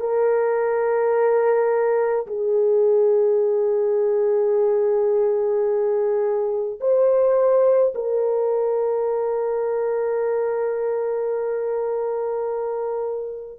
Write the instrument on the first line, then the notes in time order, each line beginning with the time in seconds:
horn
0.00 A#4
2.26 G#4
6.80 C5
7.95 A#4